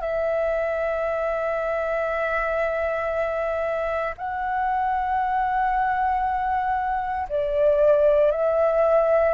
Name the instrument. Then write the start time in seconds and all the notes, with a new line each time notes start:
flute
0.00 E5
4.17 F#5
7.28 D5
8.31 E5